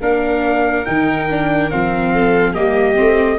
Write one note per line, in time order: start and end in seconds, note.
0.00 0.85 A#3
0.00 0.86 D4
0.00 2.12 A#4
0.00 0.85 F5
0.85 1.72 D#3
0.85 1.28 D#4
0.85 1.70 G5
1.30 1.71 D4
1.71 2.55 F3
1.71 2.55 C4
1.71 2.55 F5
2.13 2.53 A4
2.53 2.98 G3
2.53 2.96 A#3
2.53 3.38 G4
2.53 3.39 D#5
2.96 3.39 A3
2.96 3.38 C4